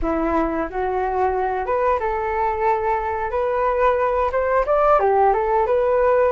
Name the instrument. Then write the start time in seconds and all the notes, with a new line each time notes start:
flute
0.02 E4
0.70 F#4
1.65 B4
1.99 A4
3.31 B4
4.32 C5
4.66 D5
4.99 G4
5.33 A4
5.66 B4